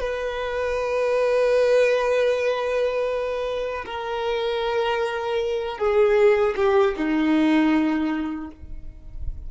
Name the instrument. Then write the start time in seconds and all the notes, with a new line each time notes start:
violin
0.00 B4
3.86 A#4
5.78 G#4
6.56 G4
6.97 D#4